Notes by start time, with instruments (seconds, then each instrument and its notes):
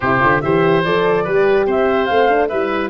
0.00 tuba C3, horn E4, oboe G4, flute C5
0.19 tuba D3, horn F4
0.41 tuba E3, horn G4, oboe C5, flute E5
0.83 tuba F3, horn A4, flute D5
1.24 tuba G3, horn G4, oboe B4
1.66 tuba C4, oboe C5, flute E5
2.05 tuba A3, horn C4, flute F5
2.29 horn D4
2.48 tuba G3, horn E4, oboe B4, flute E5